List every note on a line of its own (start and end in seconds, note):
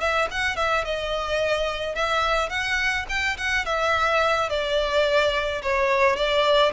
0.00 0.28 E5
0.31 0.56 F#5
0.56 0.84 E5
0.84 1.95 D#5
1.95 2.50 E5
2.50 3.06 F#5
3.09 3.37 G5
3.37 3.65 F#5
3.66 4.50 E5
4.50 5.62 D5
5.62 6.16 C#5
6.16 6.72 D5